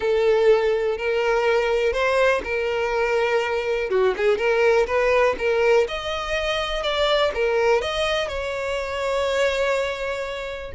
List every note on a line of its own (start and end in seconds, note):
0.00 0.97 A4
0.97 1.92 A#4
1.92 2.41 C5
2.44 3.89 A#4
3.89 4.14 F#4
4.16 4.37 G#4
4.37 4.86 A#4
4.86 5.35 B4
5.38 5.87 A#4
5.88 6.82 D#5
6.82 7.31 D5
7.34 7.81 A#4
7.81 8.28 D#5
8.28 10.72 C#5